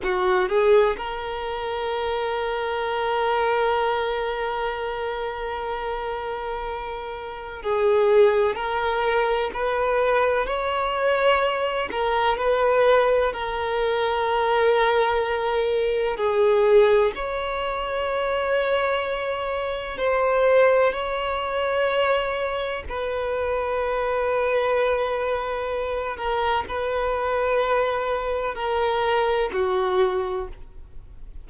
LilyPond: \new Staff \with { instrumentName = "violin" } { \time 4/4 \tempo 4 = 63 fis'8 gis'8 ais'2.~ | ais'1 | gis'4 ais'4 b'4 cis''4~ | cis''8 ais'8 b'4 ais'2~ |
ais'4 gis'4 cis''2~ | cis''4 c''4 cis''2 | b'2.~ b'8 ais'8 | b'2 ais'4 fis'4 | }